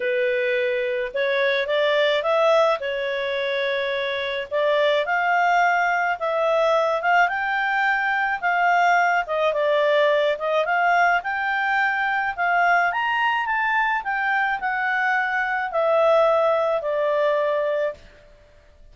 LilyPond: \new Staff \with { instrumentName = "clarinet" } { \time 4/4 \tempo 4 = 107 b'2 cis''4 d''4 | e''4 cis''2. | d''4 f''2 e''4~ | e''8 f''8 g''2 f''4~ |
f''8 dis''8 d''4. dis''8 f''4 | g''2 f''4 ais''4 | a''4 g''4 fis''2 | e''2 d''2 | }